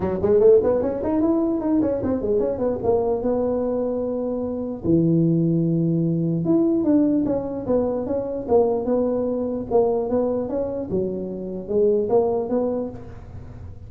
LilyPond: \new Staff \with { instrumentName = "tuba" } { \time 4/4 \tempo 4 = 149 fis8 gis8 a8 b8 cis'8 dis'8 e'4 | dis'8 cis'8 c'8 gis8 cis'8 b8 ais4 | b1 | e1 |
e'4 d'4 cis'4 b4 | cis'4 ais4 b2 | ais4 b4 cis'4 fis4~ | fis4 gis4 ais4 b4 | }